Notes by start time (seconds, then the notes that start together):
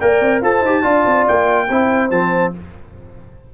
0.00 A#3 A#4 D5 G5
0.21 C4
0.41 F4 A4 C5 A5
0.62 D#4 G4
0.83 D4 F4 D5
1.06 C4
1.28 A#3 G5
1.70 C4 E4 C5
2.11 F3 C4 A5